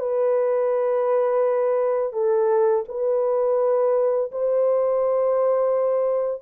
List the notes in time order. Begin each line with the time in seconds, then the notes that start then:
0.00 B4
2.13 A4
2.89 B4
4.32 C5